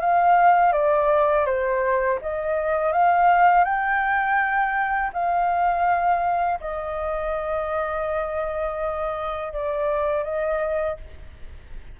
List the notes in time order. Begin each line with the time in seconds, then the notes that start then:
0.00 F5
0.72 D5
1.45 C5
2.21 D#5
2.92 F5
3.64 G5
5.13 F5
6.60 D#5
9.53 D5
10.23 D#5